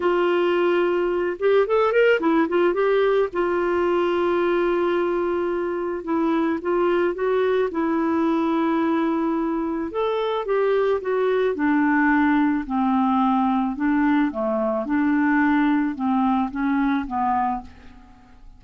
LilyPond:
\new Staff \with { instrumentName = "clarinet" } { \time 4/4 \tempo 4 = 109 f'2~ f'8 g'8 a'8 ais'8 | e'8 f'8 g'4 f'2~ | f'2. e'4 | f'4 fis'4 e'2~ |
e'2 a'4 g'4 | fis'4 d'2 c'4~ | c'4 d'4 a4 d'4~ | d'4 c'4 cis'4 b4 | }